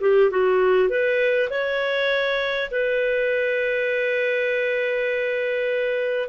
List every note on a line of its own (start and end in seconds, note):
0.00 0.30 G4
0.30 0.89 F#4
0.89 1.49 B4
1.49 2.69 C#5
2.71 6.28 B4